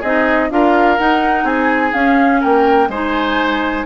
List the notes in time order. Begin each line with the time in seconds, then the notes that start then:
0.00 C4 D#4 G#4 D#5
0.50 D4 F4 A#4 F5
0.98 D#4 F#5
1.44 C4 G#4 G#5
1.93 C#4 F5
2.41 A#3 A#4 G5
2.89 G#3 D#4 C5 G#5